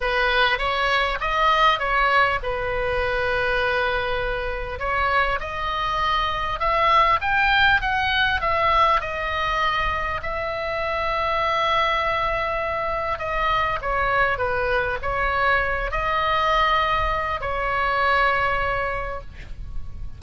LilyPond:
\new Staff \with { instrumentName = "oboe" } { \time 4/4 \tempo 4 = 100 b'4 cis''4 dis''4 cis''4 | b'1 | cis''4 dis''2 e''4 | g''4 fis''4 e''4 dis''4~ |
dis''4 e''2.~ | e''2 dis''4 cis''4 | b'4 cis''4. dis''4.~ | dis''4 cis''2. | }